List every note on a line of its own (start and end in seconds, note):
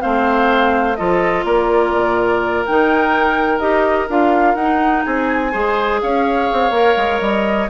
0.00 1.00 A3
0.00 0.96 C4
0.00 0.98 C5
0.00 0.96 F5
0.96 1.45 F3
0.96 2.66 F4
0.96 1.46 A4
0.96 1.44 D#5
1.45 1.93 A#3
1.45 5.05 A#4
1.45 2.65 D5
1.93 2.65 A#2
2.66 3.60 D#3
2.66 3.60 D#4
2.66 3.59 G5
3.59 4.08 D#4
3.59 4.08 G4
3.59 4.07 D#5
4.09 4.55 D4
4.09 4.57 F4
4.09 4.55 F5
4.55 5.03 D#4
4.55 5.03 F#5
4.62 5.52 D#4
5.05 5.54 C4
5.05 5.52 G#4
5.05 6.01 G#5
5.52 6.03 G#3
5.52 6.72 G#4
5.52 6.00 C5
6.02 6.51 C#4
6.02 7.70 C#5
6.02 7.21 F5
6.53 6.71 C4
6.71 6.95 A#3
6.71 7.69 A#4
6.97 7.21 G#3
7.21 7.69 G3
7.21 7.69 D#5